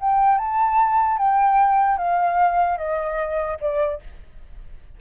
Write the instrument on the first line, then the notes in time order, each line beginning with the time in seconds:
flute
0.00 G5
0.38 A5
1.17 G5
1.97 F5
2.77 D#5
3.60 D5